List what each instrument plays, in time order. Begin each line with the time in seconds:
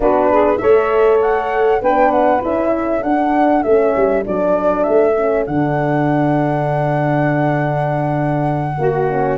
0.00 tuba B3, horn D4, saxophone F#4, flute B4
0.31 saxophone G#4
0.57 tuba A3, horn A4, saxophone C#5, flute E5
1.21 flute F#5
1.81 tuba B3, horn D4, saxophone B4, flute G5
2.11 flute F#5
2.40 tuba C#4, horn E4, flute E5
2.72 saxophone A4
3.02 tuba D4, horn D4, flute F#5
3.62 tuba A3, horn C#4, flute E5
3.96 tuba G3
4.23 tuba F#3, horn D4, flute D5
4.83 tuba A3, flute E5
5.17 horn C#4
5.46 tuba D3, horn D4, flute F#5
8.78 tuba A#3, saxophone F#4, horn F#4
9.09 horn C#4